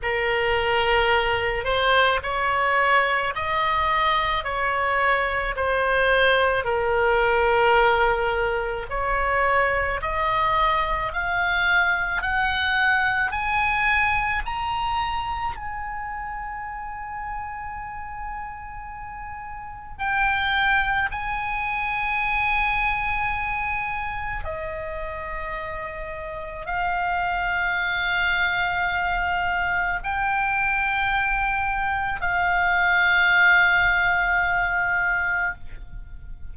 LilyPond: \new Staff \with { instrumentName = "oboe" } { \time 4/4 \tempo 4 = 54 ais'4. c''8 cis''4 dis''4 | cis''4 c''4 ais'2 | cis''4 dis''4 f''4 fis''4 | gis''4 ais''4 gis''2~ |
gis''2 g''4 gis''4~ | gis''2 dis''2 | f''2. g''4~ | g''4 f''2. | }